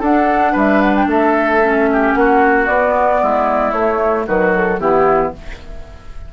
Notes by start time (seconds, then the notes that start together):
0.00 D4 A4 F#5
0.52 G3 B4 E5
0.82 F#5
0.96 G5
1.07 A3 A4 E5
1.62 C#4
1.93 G4
2.14 A#3 F#4 F#5
2.67 B3 D5
3.22 G#3 E4
3.72 A3 C#5
4.27 D#3 F#3 F#4 B4
4.56 A4
4.80 E3 B3 E4 G4